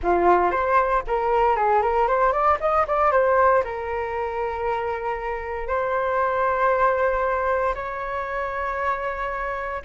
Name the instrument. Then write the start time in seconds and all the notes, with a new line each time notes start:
flute
0.02 F4
0.51 C5
1.07 A#4
1.56 G#4
1.82 A#4
2.07 C5
2.32 D5
2.60 D#5
2.87 D5
3.11 C5
3.64 A#4
5.67 C5
7.74 C#5